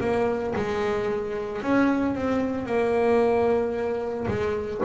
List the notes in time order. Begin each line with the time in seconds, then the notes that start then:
0.00 A#3
0.56 G#3
1.62 C#4
2.15 C4
2.66 A#3
4.28 G#3